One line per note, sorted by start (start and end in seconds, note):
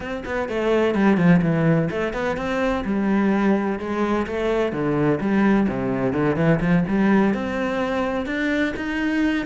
0.00 0.23 C4
0.25 0.48 B3
0.48 0.94 A3
0.94 1.17 G3
1.17 1.40 F3
1.42 1.89 E3
1.90 2.13 A3
2.13 2.36 B3
2.36 2.83 C4
2.85 3.79 G3
3.79 4.26 G#3
4.26 4.72 A3
4.72 5.19 D3
5.20 5.67 G3
5.68 6.12 C3
6.12 6.35 D3
6.35 6.59 E3
6.60 6.84 F3
6.88 7.34 G3
7.34 8.26 C4
8.26 8.73 D4
8.76 9.46 D#4